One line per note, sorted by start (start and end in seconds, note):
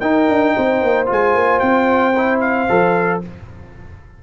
0.00 0.28 D#4
0.00 1.06 D#4
0.00 0.54 A#4
0.00 1.06 G5
0.29 0.55 D4
0.57 0.82 C4
0.57 3.22 C5
0.82 1.08 A#3
1.06 1.34 G#3
1.06 2.12 F4
1.12 1.59 G#5
1.34 1.61 A#3
1.59 2.68 C4
1.59 2.39 G5
2.17 2.69 E4
2.40 3.20 F5
2.69 3.23 F3
2.69 3.22 A4